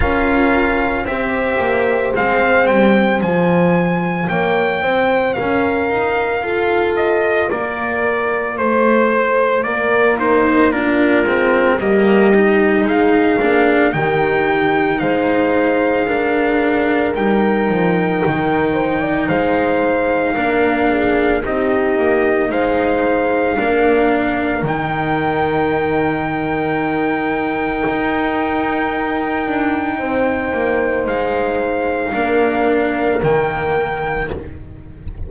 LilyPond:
<<
  \new Staff \with { instrumentName = "trumpet" } { \time 4/4 \tempo 4 = 56 f''4 e''4 f''8 g''8 gis''4 | g''4 f''4. dis''8 d''4 | c''4 d''8 c''8 ais'4 dis''4 | f''4 g''4 f''2 |
g''2 f''2 | dis''4 f''2 g''4~ | g''1~ | g''4 f''2 g''4 | }
  \new Staff \with { instrumentName = "horn" } { \time 4/4 ais'4 c''2. | cis''8 c''8 ais'4 a'4 ais'4 | c''4 ais'4 f'4 g'4 | gis'4 g'4 c''4 ais'4~ |
ais'4. c''16 d''16 c''4 ais'8 gis'8 | g'4 c''4 ais'2~ | ais'1 | c''2 ais'2 | }
  \new Staff \with { instrumentName = "cello" } { \time 4/4 f'4 g'4 c'4 f'4~ | f'1~ | f'4. dis'8 d'8 c'8 ais8 dis'8~ | dis'8 d'8 dis'2 d'4 |
dis'2. d'4 | dis'2 d'4 dis'4~ | dis'1~ | dis'2 d'4 ais4 | }
  \new Staff \with { instrumentName = "double bass" } { \time 4/4 cis'4 c'8 ais8 gis8 g8 f4 | ais8 c'8 cis'8 dis'8 f'4 ais4 | a4 ais4. gis8 g4 | gis8 ais8 dis4 gis2 |
g8 f8 dis4 gis4 ais4 | c'8 ais8 gis4 ais4 dis4~ | dis2 dis'4. d'8 | c'8 ais8 gis4 ais4 dis4 | }
>>